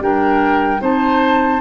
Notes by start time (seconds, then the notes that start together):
0.00 G3 D4 A#4 G5
0.80 C4 D#4 C5 A5